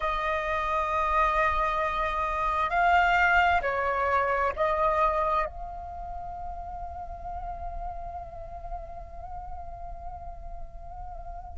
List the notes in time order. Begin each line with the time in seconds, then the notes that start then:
0.00 D#5
2.70 F5
3.61 C#5
4.56 D#5
5.45 F5